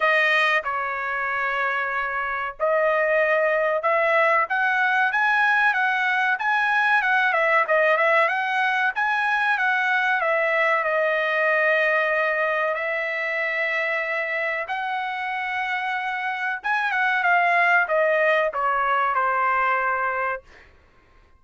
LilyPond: \new Staff \with { instrumentName = "trumpet" } { \time 4/4 \tempo 4 = 94 dis''4 cis''2. | dis''2 e''4 fis''4 | gis''4 fis''4 gis''4 fis''8 e''8 | dis''8 e''8 fis''4 gis''4 fis''4 |
e''4 dis''2. | e''2. fis''4~ | fis''2 gis''8 fis''8 f''4 | dis''4 cis''4 c''2 | }